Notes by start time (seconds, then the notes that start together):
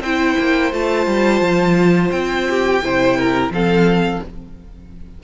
0.00 C4 E4 C5 G5
0.39 A#3
0.72 A3 F4 A5
1.06 G3
1.41 F3
2.11 C4 G5
2.49 G4
2.83 C3 E4 C5
3.18 A#4
3.49 F3 C4 A4 F5